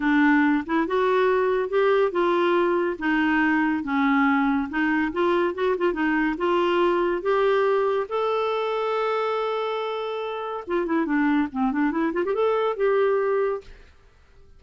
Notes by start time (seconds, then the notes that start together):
0.00 D4
0.66 E4
0.87 F#4
1.69 G4
2.11 F4
2.99 D#4
3.83 C#4
4.69 D#4
5.12 F4
5.54 F#4
5.77 F4
5.93 D#4
6.37 F4
7.21 G4
8.08 A4
10.67 F4
10.86 E4
11.05 D4
11.52 C4
11.72 D4
11.91 E4
12.13 F4
12.25 G4
12.34 A4
12.76 G4